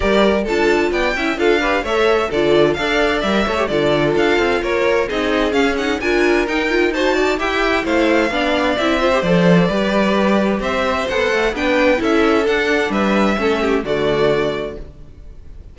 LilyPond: <<
  \new Staff \with { instrumentName = "violin" } { \time 4/4 \tempo 4 = 130 d''4 a''4 g''4 f''4 | e''4 d''4 f''4 e''4 | d''4 f''4 cis''4 dis''4 | f''8 fis''8 gis''4 g''4 a''4 |
g''4 f''2 e''4 | d''2. e''4 | fis''4 g''4 e''4 fis''4 | e''2 d''2 | }
  \new Staff \with { instrumentName = "violin" } { \time 4/4 ais'4 a'4 d''8 e''8 a'8 b'8 | cis''4 a'4 d''4. cis''8 | a'2 ais'4 gis'4~ | gis'4 ais'2 c''8 d''8 |
e''4 c''4 d''4. c''8~ | c''4 b'2 c''4~ | c''4 b'4 a'2 | b'4 a'8 g'8 fis'2 | }
  \new Staff \with { instrumentName = "viola" } { \time 4/4 g'4 f'4. e'8 f'8 g'8 | a'4 f'4 a'4 ais'8 a'16 g'16 | f'2. dis'4 | cis'8 dis'8 f'4 dis'8 f'8 fis'4 |
g'4 e'4 d'4 e'8 f'16 g'16 | a'4 g'2. | a'4 d'4 e'4 d'4~ | d'4 cis'4 a2 | }
  \new Staff \with { instrumentName = "cello" } { \time 4/4 g4 d'4 b8 cis'8 d'4 | a4 d4 d'4 g8 a8 | d4 d'8 c'8 ais4 c'4 | cis'4 d'4 dis'2 |
e'4 a4 b4 c'4 | f4 g2 c'4 | b8 a8 b4 cis'4 d'4 | g4 a4 d2 | }
>>